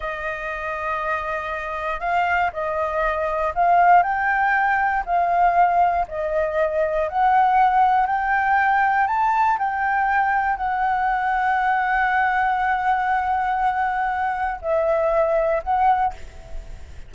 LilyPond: \new Staff \with { instrumentName = "flute" } { \time 4/4 \tempo 4 = 119 dis''1 | f''4 dis''2 f''4 | g''2 f''2 | dis''2 fis''2 |
g''2 a''4 g''4~ | g''4 fis''2.~ | fis''1~ | fis''4 e''2 fis''4 | }